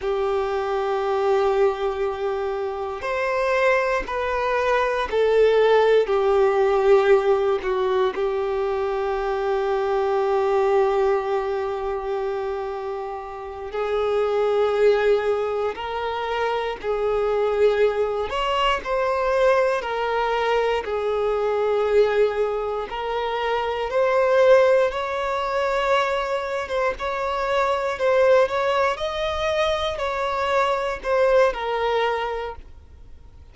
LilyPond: \new Staff \with { instrumentName = "violin" } { \time 4/4 \tempo 4 = 59 g'2. c''4 | b'4 a'4 g'4. fis'8 | g'1~ | g'4. gis'2 ais'8~ |
ais'8 gis'4. cis''8 c''4 ais'8~ | ais'8 gis'2 ais'4 c''8~ | c''8 cis''4.~ cis''16 c''16 cis''4 c''8 | cis''8 dis''4 cis''4 c''8 ais'4 | }